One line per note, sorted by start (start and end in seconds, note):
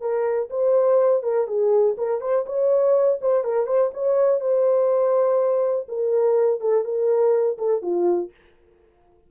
0.00 0.49 A#4
0.49 1.23 C5
1.23 1.47 A#4
1.47 1.96 G#4
1.97 2.20 A#4
2.20 2.45 C5
2.46 3.19 C#5
3.21 3.43 C5
3.43 3.66 A#4
3.66 3.91 C5
3.93 4.40 C#5
4.40 5.86 C5
5.88 6.60 A#4
6.60 6.84 A4
6.84 7.57 A#4
7.58 7.82 A4
7.82 8.31 F4